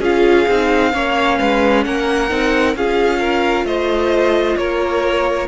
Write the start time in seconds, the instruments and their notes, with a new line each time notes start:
0.00 cello C#4, viola F4, violin G#4 F5
0.48 cello C4, viola D#4
0.93 cello A#3, viola C#4, violin C#5
1.39 cello G#3, violin B4
1.84 cello A#3, violin A#4 F#5
2.30 cello C4, viola D#4
2.75 cello C#4, viola F4, violin G#4 F5
3.20 violin A#4
3.65 cello A3, violin C5 D#5
4.57 cello A#3, violin A#4 C#5